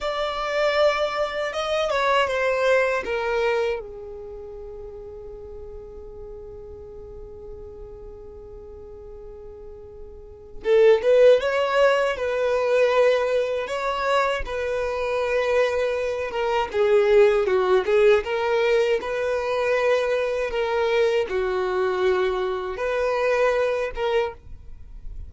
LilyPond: \new Staff \with { instrumentName = "violin" } { \time 4/4 \tempo 4 = 79 d''2 dis''8 cis''8 c''4 | ais'4 gis'2.~ | gis'1~ | gis'2 a'8 b'8 cis''4 |
b'2 cis''4 b'4~ | b'4. ais'8 gis'4 fis'8 gis'8 | ais'4 b'2 ais'4 | fis'2 b'4. ais'8 | }